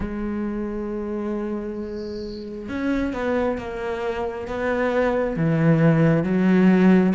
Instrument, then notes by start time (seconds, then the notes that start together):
cello
0.00 G#3
2.68 C#4
3.13 B3
3.57 A#3
4.47 B3
5.36 E3
6.23 F#3